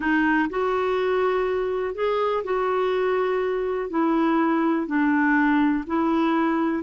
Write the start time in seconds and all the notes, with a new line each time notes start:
0.00 D#4
0.49 F#4
1.94 G#4
2.44 F#4
3.90 E4
4.86 D4
5.87 E4